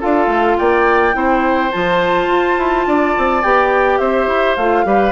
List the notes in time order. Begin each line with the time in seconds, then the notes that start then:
0.00 D4 F4 A4 F5
0.27 A3
0.58 A#3 D5 G5
1.13 C4 E4 C5
1.72 F3 F4 A5
2.27 F4
2.58 E4
2.87 D4 D5
3.18 C4
3.43 B3 G4 G5
3.98 C4 C5 E5
4.27 E4
4.56 A3 F4 F5
4.85 G3 G4 B4